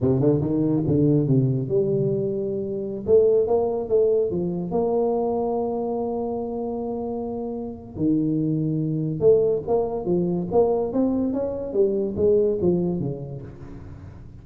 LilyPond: \new Staff \with { instrumentName = "tuba" } { \time 4/4 \tempo 4 = 143 c8 d8 dis4 d4 c4 | g2.~ g16 a8.~ | a16 ais4 a4 f4 ais8.~ | ais1~ |
ais2. dis4~ | dis2 a4 ais4 | f4 ais4 c'4 cis'4 | g4 gis4 f4 cis4 | }